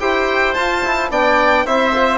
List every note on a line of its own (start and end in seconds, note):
0.00 0.56 E4
0.00 0.55 G4
0.00 1.11 C5
0.00 0.54 G5
0.54 0.84 F4
0.54 1.11 F4
0.54 1.09 A5
0.85 1.11 E4
1.11 1.66 B3
1.11 1.66 D4
1.11 1.66 D5
1.11 1.67 G5
1.66 2.18 C4
1.66 1.94 E4
1.66 2.18 C5
1.66 2.18 E5
1.95 2.18 F4